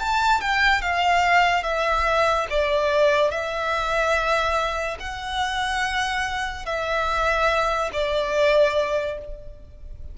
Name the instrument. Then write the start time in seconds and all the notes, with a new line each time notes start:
violin
0.00 A5
0.41 G5
0.82 F5
1.64 E5
2.51 D5
3.31 E5
5.00 F#5
6.66 E5
7.93 D5